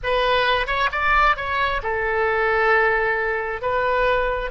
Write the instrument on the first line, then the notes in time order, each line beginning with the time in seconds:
oboe
0.03 B4
0.66 C#5
0.91 D5
1.36 C#5
1.82 A4
3.61 B4